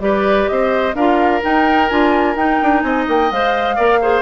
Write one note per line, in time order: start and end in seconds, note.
0.00 0.47 G3
0.00 0.94 G4
0.00 0.50 B4
0.00 0.48 D5
0.48 0.94 C4
0.48 0.96 C5
0.48 0.94 D#5
0.94 1.41 D4
0.94 1.41 F4
0.94 2.83 A#4
0.94 1.42 F5
1.41 1.88 D#4
1.41 1.91 D#4
1.41 1.89 G5
1.89 2.36 D4
1.89 2.37 F4
1.89 2.35 G#5
2.36 2.59 D#4
2.36 3.31 D#4
2.36 2.81 G5
2.62 2.83 D4
2.81 3.06 C4
2.81 3.75 D#5
2.81 3.04 G#5
3.08 3.31 A#3
3.08 3.32 G5
3.31 3.78 G#3
3.31 3.77 C5
3.31 4.21 F5
3.75 4.21 A#3
3.75 4.00 A#4
3.75 3.99 D5
4.01 4.21 G#4
4.01 4.21 C5